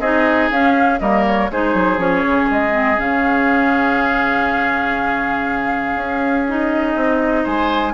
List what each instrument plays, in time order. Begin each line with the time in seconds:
0.00 bassoon C4, clarinet D#4, oboe G#4, flute D#5
0.51 bassoon C#4, clarinet C#4, flute F5
1.00 bassoon G3, clarinet A#3, oboe A#4, flute D#5
1.27 flute C#5
1.51 bassoon G#3, clarinet D#4, oboe G#4, flute C5
1.74 bassoon F#3
1.98 bassoon F3, clarinet C#4, flute C#5
2.27 bassoon C#3
2.51 bassoon G#3, flute D#5
2.72 clarinet C4
2.98 bassoon C#3, clarinet C#4, flute F5
5.96 bassoon C#4
6.48 clarinet D#4, flute D#5
6.96 bassoon C4
7.43 bassoon G#3, oboe C5, flute G#5